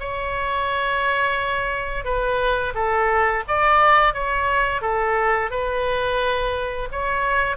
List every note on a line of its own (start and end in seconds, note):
0.00 2.05 C#5
2.05 2.74 B4
2.75 3.44 A4
3.48 4.14 D5
4.14 4.82 C#5
4.82 5.51 A4
5.51 6.89 B4
6.92 7.57 C#5